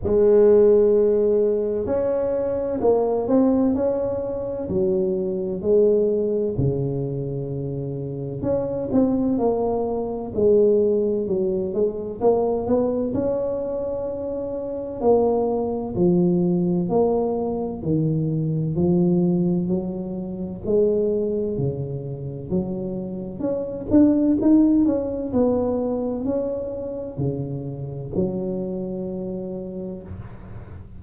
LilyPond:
\new Staff \with { instrumentName = "tuba" } { \time 4/4 \tempo 4 = 64 gis2 cis'4 ais8 c'8 | cis'4 fis4 gis4 cis4~ | cis4 cis'8 c'8 ais4 gis4 | fis8 gis8 ais8 b8 cis'2 |
ais4 f4 ais4 dis4 | f4 fis4 gis4 cis4 | fis4 cis'8 d'8 dis'8 cis'8 b4 | cis'4 cis4 fis2 | }